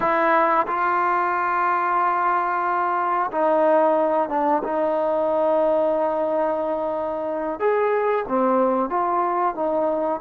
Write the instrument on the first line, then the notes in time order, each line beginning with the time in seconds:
trombone
0.00 E4
0.67 F4
3.31 D#4
4.29 D4
4.63 D#4
7.59 G#4
8.28 C4
8.89 F4
9.55 D#4